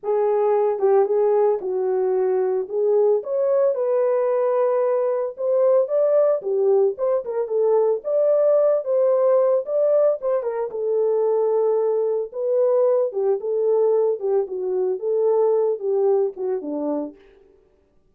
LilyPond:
\new Staff \with { instrumentName = "horn" } { \time 4/4 \tempo 4 = 112 gis'4. g'8 gis'4 fis'4~ | fis'4 gis'4 cis''4 b'4~ | b'2 c''4 d''4 | g'4 c''8 ais'8 a'4 d''4~ |
d''8 c''4. d''4 c''8 ais'8 | a'2. b'4~ | b'8 g'8 a'4. g'8 fis'4 | a'4. g'4 fis'8 d'4 | }